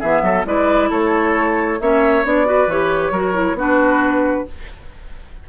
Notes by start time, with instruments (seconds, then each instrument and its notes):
0.00 bassoon E3, clarinet B3, oboe G#4, flute E5
0.22 bassoon F#3, oboe A4
0.46 bassoon G#3, clarinet E4, oboe B4, flute D5
0.90 bassoon A3, oboe A4, flute C#5
1.81 bassoon A#3, clarinet C#4, oboe C#5, flute E5
2.24 bassoon B3, clarinet D4, flute D5
2.46 clarinet F#4, oboe B4
2.67 bassoon E3, clarinet G4, flute C#5
3.11 bassoon F#3, clarinet F#4, oboe A#4
3.34 clarinet E4
3.54 bassoon B3, clarinet D4, oboe F#4
3.60 flute B4